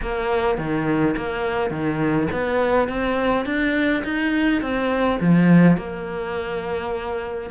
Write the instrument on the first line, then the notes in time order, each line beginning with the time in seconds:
cello
0.02 A#3
0.58 D#3
1.17 A#3
1.70 D#3
2.32 B3
2.88 C4
3.45 D4
4.04 D#4
4.61 C4
5.20 F3
5.77 A#3